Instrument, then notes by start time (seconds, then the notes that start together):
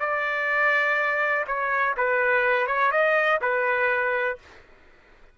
trumpet
0.00 D5
1.47 C#5
1.98 B4
2.67 C#5
2.92 D#5
3.42 B4